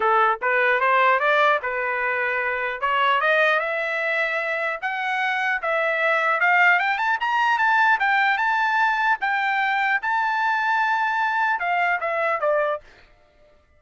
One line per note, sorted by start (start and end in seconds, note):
0.00 0.39 A4
0.41 0.80 B4
0.80 1.19 C5
1.19 1.59 D5
1.62 2.80 B4
2.80 3.20 C#5
3.21 3.59 D#5
3.59 4.79 E5
4.81 5.61 F#5
5.62 6.40 E5
6.40 6.79 F5
6.79 6.98 G5
6.98 7.18 A5
7.20 7.58 A#5
7.58 7.98 A5
7.99 8.37 G5
8.37 9.17 A5
9.20 10.00 G5
10.01 11.59 A5
11.59 11.99 F5
12.00 12.40 E5
12.40 12.80 D5